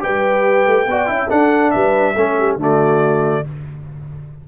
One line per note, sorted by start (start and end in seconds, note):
0.00 0.67 G3
0.00 0.86 G4
0.00 0.89 B4
0.00 1.31 G5
0.67 0.87 A3
0.87 1.08 B3
0.87 1.07 F#4
0.87 1.11 D5
1.07 1.30 C#4
1.07 1.28 E4
1.07 1.31 E5
1.30 2.15 D4
1.30 1.75 D4
1.30 1.73 A4
1.30 1.71 F#5
1.71 2.17 G3
1.71 2.14 B4
1.71 2.57 E5
2.14 2.57 A3
2.14 2.59 C#4
2.14 2.36 A4
2.39 2.60 G4
2.57 3.42 D3
2.57 3.45 A3
2.57 3.46 F#4
2.63 3.49 D5